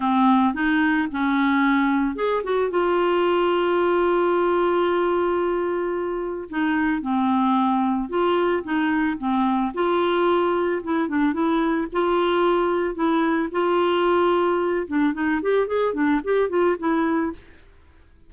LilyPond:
\new Staff \with { instrumentName = "clarinet" } { \time 4/4 \tempo 4 = 111 c'4 dis'4 cis'2 | gis'8 fis'8 f'2.~ | f'1 | dis'4 c'2 f'4 |
dis'4 c'4 f'2 | e'8 d'8 e'4 f'2 | e'4 f'2~ f'8 d'8 | dis'8 g'8 gis'8 d'8 g'8 f'8 e'4 | }